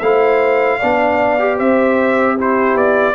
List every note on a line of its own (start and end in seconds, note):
0.00 0.80 A3
0.00 0.81 E4
0.00 0.78 C5
0.00 1.58 F5
0.78 1.60 B3
0.78 1.39 D4
0.78 1.57 D5
1.39 2.38 G4
1.57 2.75 C4
1.57 2.35 C5
1.57 2.38 E5
2.35 3.15 E4
2.35 3.14 G4
2.35 2.77 C5
2.75 3.14 B3
2.75 3.15 D5